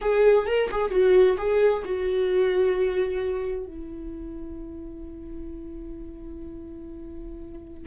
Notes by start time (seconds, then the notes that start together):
0.01 G#4
0.46 A#4
0.71 G#4
0.90 F#4
1.37 G#4
1.84 F#4
3.65 E4